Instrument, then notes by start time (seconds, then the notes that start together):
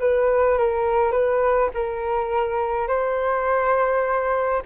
flute
0.00 B4
0.58 A#4
1.12 B4
1.74 A#4
2.88 C5